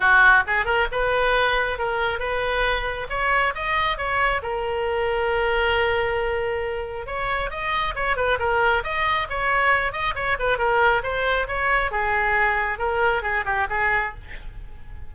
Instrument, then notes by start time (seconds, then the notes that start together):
oboe
0.00 F#4
0.47 G#4
0.65 A#4
0.91 B4
1.78 A#4
2.19 B4
3.09 C#5
3.54 D#5
3.97 C#5
4.42 A#4
7.06 C#5
7.50 D#5
7.95 C#5
8.16 B4
8.39 A#4
8.83 D#5
9.29 C#5
9.92 D#5
10.15 C#5
10.39 B4
10.58 A#4
11.03 C5
11.47 C#5
11.91 G#4
12.78 A#4
13.22 G#4
13.45 G4
13.69 G#4